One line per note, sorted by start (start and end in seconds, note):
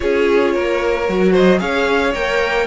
0.00 0.56 C#4
0.00 1.05 F4
0.00 0.54 G#4
0.00 1.31 C#5
0.54 1.09 A#3
0.54 1.32 A#4
1.09 1.60 F#3
1.09 1.58 F#4
1.32 1.58 C5
1.32 1.59 D#5
1.58 2.14 C#4
1.58 2.12 G#4
1.58 2.66 C#5
1.58 2.13 F5
2.14 2.66 A#3
2.14 2.66 A#4
2.14 2.66 G5